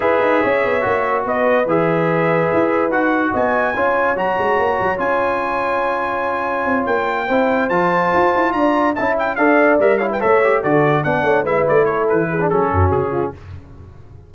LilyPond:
<<
  \new Staff \with { instrumentName = "trumpet" } { \time 4/4 \tempo 4 = 144 e''2. dis''4 | e''2. fis''4 | gis''2 ais''2 | gis''1~ |
gis''8 g''2 a''4.~ | a''8 ais''4 a''8 g''8 f''4 e''8 | f''16 g''16 e''4 d''4 fis''4 e''8 | d''8 cis''8 b'4 a'4 gis'4 | }
  \new Staff \with { instrumentName = "horn" } { \time 4/4 b'4 cis''2 b'4~ | b'1 | dis''4 cis''2.~ | cis''1~ |
cis''4. c''2~ c''8~ | c''8 d''4 e''4 d''4. | cis''16 b'16 cis''4 a'4 d''8 cis''8 b'8~ | b'8 a'4 gis'4 fis'4 f'8 | }
  \new Staff \with { instrumentName = "trombone" } { \time 4/4 gis'2 fis'2 | gis'2. fis'4~ | fis'4 f'4 fis'2 | f'1~ |
f'4. e'4 f'4.~ | f'4. e'4 a'4 ais'8 | e'8 a'8 g'8 fis'4 d'4 e'8~ | e'4.~ e'16 d'16 cis'2 | }
  \new Staff \with { instrumentName = "tuba" } { \time 4/4 e'8 dis'8 cis'8 b8 ais4 b4 | e2 e'4 dis'4 | b4 cis'4 fis8 gis8 ais8 fis8 | cis'1 |
c'8 ais4 c'4 f4 f'8 | e'8 d'4 cis'4 d'4 g8~ | g8 a4 d4 b8 a8 gis8 | a4 e4 fis8 fis,8 cis4 | }
>>